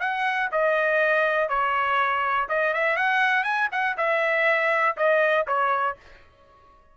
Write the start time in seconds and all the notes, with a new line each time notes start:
0.00 F#5
0.52 D#5
1.49 C#5
2.49 D#5
2.74 E5
2.96 F#5
3.44 G#5
3.72 F#5
3.97 E5
4.97 D#5
5.47 C#5